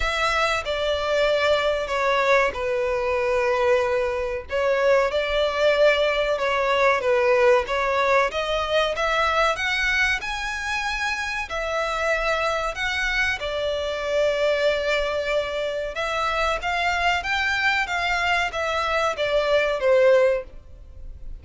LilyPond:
\new Staff \with { instrumentName = "violin" } { \time 4/4 \tempo 4 = 94 e''4 d''2 cis''4 | b'2. cis''4 | d''2 cis''4 b'4 | cis''4 dis''4 e''4 fis''4 |
gis''2 e''2 | fis''4 d''2.~ | d''4 e''4 f''4 g''4 | f''4 e''4 d''4 c''4 | }